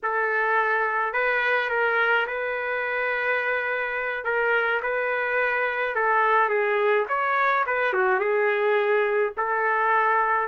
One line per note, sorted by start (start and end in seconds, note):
0.03 1.13 A4
1.13 1.69 B4
1.69 2.26 A#4
2.26 4.24 B4
4.24 4.81 A#4
4.82 5.95 B4
5.95 6.49 A4
6.49 7.05 G#4
7.08 7.64 C#5
7.66 7.93 B4
7.93 8.19 F#4
8.19 9.32 G#4
9.37 10.47 A4